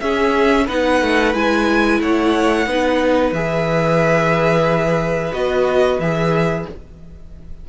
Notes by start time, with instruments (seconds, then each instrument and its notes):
0.00 cello C#4, viola C#4, violin G#4 E5
0.66 cello B3, viola D#4, violin B4 F#5
1.02 cello A3
1.34 cello G#3, viola E4, violin G#5
2.00 cello A3, violin C#5 F#5
2.67 cello B3, viola D#4, violin B4
3.32 cello E3, viola G#4, violin E5
5.33 cello B3, viola F#4, violin D#5
5.99 cello E3, viola G#4, violin E5